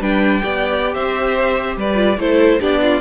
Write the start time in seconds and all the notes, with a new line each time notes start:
0.00 G3 D4 B4 G5
0.41 B3 G4 D5
0.93 C4 C5 E5
1.76 G3 B4 D5
1.94 F4
2.17 A3 E4 A4 C5
2.60 B3 D4 G4 D5
2.81 F4